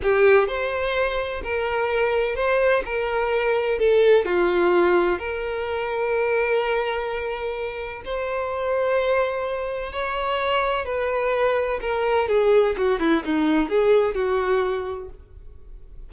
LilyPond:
\new Staff \with { instrumentName = "violin" } { \time 4/4 \tempo 4 = 127 g'4 c''2 ais'4~ | ais'4 c''4 ais'2 | a'4 f'2 ais'4~ | ais'1~ |
ais'4 c''2.~ | c''4 cis''2 b'4~ | b'4 ais'4 gis'4 fis'8 e'8 | dis'4 gis'4 fis'2 | }